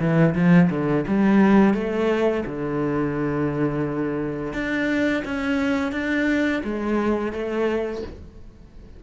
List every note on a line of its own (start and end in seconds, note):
0.00 0.35 E3
0.35 0.70 F3
0.70 1.05 D3
1.08 1.74 G3
1.74 2.44 A3
2.46 4.53 D3
4.53 5.23 D4
5.25 5.92 C#4
5.92 6.62 D4
6.64 7.33 G#3
7.33 8.03 A3